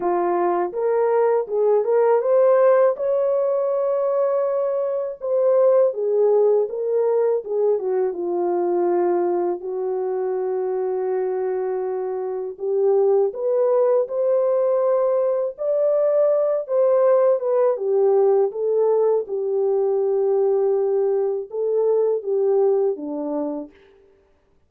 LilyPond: \new Staff \with { instrumentName = "horn" } { \time 4/4 \tempo 4 = 81 f'4 ais'4 gis'8 ais'8 c''4 | cis''2. c''4 | gis'4 ais'4 gis'8 fis'8 f'4~ | f'4 fis'2.~ |
fis'4 g'4 b'4 c''4~ | c''4 d''4. c''4 b'8 | g'4 a'4 g'2~ | g'4 a'4 g'4 d'4 | }